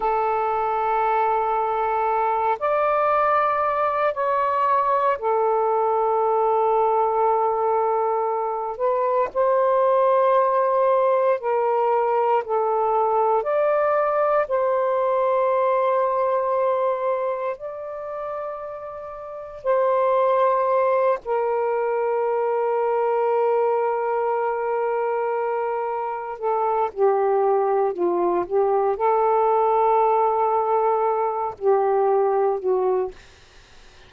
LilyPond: \new Staff \with { instrumentName = "saxophone" } { \time 4/4 \tempo 4 = 58 a'2~ a'8 d''4. | cis''4 a'2.~ | a'8 b'8 c''2 ais'4 | a'4 d''4 c''2~ |
c''4 d''2 c''4~ | c''8 ais'2.~ ais'8~ | ais'4. a'8 g'4 f'8 g'8 | a'2~ a'8 g'4 fis'8 | }